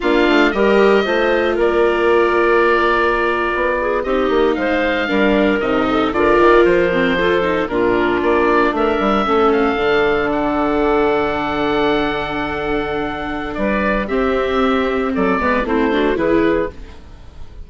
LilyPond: <<
  \new Staff \with { instrumentName = "oboe" } { \time 4/4 \tempo 4 = 115 f''4 dis''2 d''4~ | d''2.~ d''8. dis''16~ | dis''8. f''2 dis''4 d''16~ | d''8. c''2 ais'4 d''16~ |
d''8. e''4. f''4. fis''16~ | fis''1~ | fis''2 d''4 e''4~ | e''4 d''4 c''4 b'4 | }
  \new Staff \with { instrumentName = "clarinet" } { \time 4/4 f'4 ais'4 c''4 ais'4~ | ais'2.~ ais'16 gis'8 g'16~ | g'8. c''4 ais'4. a'8 ais'16~ | ais'4.~ ais'16 a'4 f'4~ f'16~ |
f'8. ais'4 a'2~ a'16~ | a'1~ | a'2 b'4 g'4~ | g'4 a'8 b'8 e'8 fis'8 gis'4 | }
  \new Staff \with { instrumentName = "viola" } { \time 4/4 d'4 g'4 f'2~ | f'2.~ f'8. dis'16~ | dis'4.~ dis'16 d'4 dis'4 f'16~ | f'4~ f'16 c'8 f'8 dis'8 d'4~ d'16~ |
d'4.~ d'16 cis'4 d'4~ d'16~ | d'1~ | d'2. c'4~ | c'4. b8 c'8 d'8 e'4 | }
  \new Staff \with { instrumentName = "bassoon" } { \time 4/4 ais8 a8 g4 a4 ais4~ | ais2~ ais8. b4 c'16~ | c'16 ais8 gis4 g4 c4 d16~ | d16 dis8 f2 ais,4 ais16~ |
ais8. a8 g8 a4 d4~ d16~ | d1~ | d2 g4 c'4~ | c'4 fis8 gis8 a4 e4 | }
>>